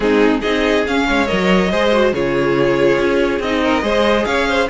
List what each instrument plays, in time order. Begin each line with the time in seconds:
0.00 cello G#3, viola C4, violin D#4 G#4
0.40 cello C4, viola D#4, violin G#4 D#5
0.87 cello C#4, viola C#4, violin F5
1.08 cello G#3, violin C#5
1.27 cello F#3, viola A#4, violin D#5
1.71 cello G#3, viola G#4, violin C5
1.92 viola F#4
2.12 cello C#3, viola F4, violin G#4 C#5
2.98 cello C#4
3.39 cello C4, viola D#4, violin D#5
3.63 violin A#4
3.81 cello G#3, viola G#4, violin C5
4.25 cello C#4, violin C#5 F5
4.48 violin C5